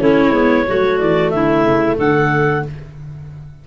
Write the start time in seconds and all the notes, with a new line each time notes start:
0.00 A3 C#4 E4 C#5
0.30 G#3 B3
0.67 F#3 A3 F#4
0.99 E3 D5
1.30 D3 E4 E5
1.65 C#3
1.97 D3 A4 F#5